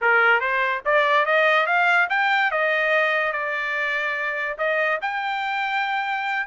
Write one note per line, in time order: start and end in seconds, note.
0.01 0.40 A#4
0.40 0.82 C5
0.85 1.25 D5
1.25 1.66 D#5
1.66 2.08 F5
2.09 2.51 G5
2.51 3.32 D#5
3.32 4.57 D5
4.58 4.99 D#5
5.01 6.46 G5